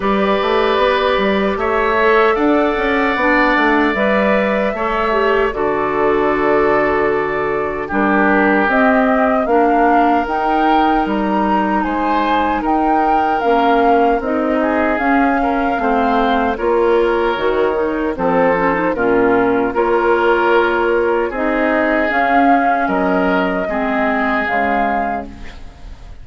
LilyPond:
<<
  \new Staff \with { instrumentName = "flute" } { \time 4/4 \tempo 4 = 76 d''2 e''4 fis''4~ | fis''4 e''2 d''4~ | d''2 ais'4 dis''4 | f''4 g''4 ais''4 gis''4 |
g''4 f''4 dis''4 f''4~ | f''4 cis''2 c''4 | ais'4 cis''2 dis''4 | f''4 dis''2 f''4 | }
  \new Staff \with { instrumentName = "oboe" } { \time 4/4 b'2 cis''4 d''4~ | d''2 cis''4 a'4~ | a'2 g'2 | ais'2. c''4 |
ais'2~ ais'8 gis'4 ais'8 | c''4 ais'2 a'4 | f'4 ais'2 gis'4~ | gis'4 ais'4 gis'2 | }
  \new Staff \with { instrumentName = "clarinet" } { \time 4/4 g'2~ g'8 a'4. | d'4 b'4 a'8 g'8 fis'4~ | fis'2 d'4 c'4 | d'4 dis'2.~ |
dis'4 cis'4 dis'4 cis'4 | c'4 f'4 fis'8 dis'8 c'8 cis'16 dis'16 | cis'4 f'2 dis'4 | cis'2 c'4 gis4 | }
  \new Staff \with { instrumentName = "bassoon" } { \time 4/4 g8 a8 b8 g8 a4 d'8 cis'8 | b8 a8 g4 a4 d4~ | d2 g4 c'4 | ais4 dis'4 g4 gis4 |
dis'4 ais4 c'4 cis'4 | a4 ais4 dis4 f4 | ais,4 ais2 c'4 | cis'4 fis4 gis4 cis4 | }
>>